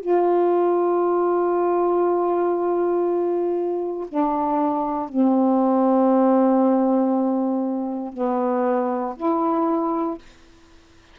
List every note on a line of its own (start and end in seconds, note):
0.00 4.07 F4
4.08 5.08 D4
5.08 8.13 C4
8.13 9.15 B3
9.16 10.18 E4